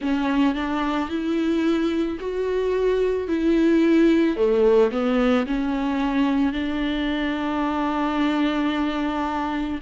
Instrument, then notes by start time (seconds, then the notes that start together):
viola
0.00 C#4
0.55 D4
1.09 E4
2.19 F#4
3.27 E4
4.36 A3
4.91 B3
5.46 C#4
6.52 D4